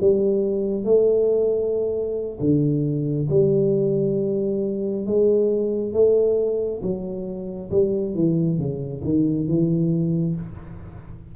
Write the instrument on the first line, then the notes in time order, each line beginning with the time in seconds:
tuba
0.00 G3
0.84 A3
2.39 D3
3.29 G3
5.06 G#3
5.93 A3
6.82 F#3
7.70 G3
8.15 E3
8.57 C#3
9.04 D#3
9.47 E3